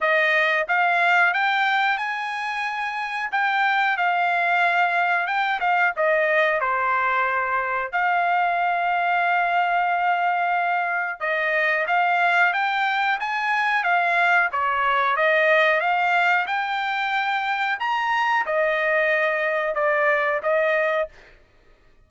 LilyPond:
\new Staff \with { instrumentName = "trumpet" } { \time 4/4 \tempo 4 = 91 dis''4 f''4 g''4 gis''4~ | gis''4 g''4 f''2 | g''8 f''8 dis''4 c''2 | f''1~ |
f''4 dis''4 f''4 g''4 | gis''4 f''4 cis''4 dis''4 | f''4 g''2 ais''4 | dis''2 d''4 dis''4 | }